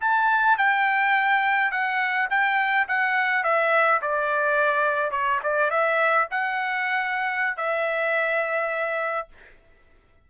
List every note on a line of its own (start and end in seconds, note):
0.00 0.57 A5
0.57 1.71 G5
1.71 2.28 F#5
2.30 2.87 G5
2.88 3.43 F#5
3.43 4.00 E5
4.01 5.11 D5
5.11 5.39 C#5
5.43 5.70 D5
5.70 6.27 E5
6.31 7.56 F#5
7.56 9.28 E5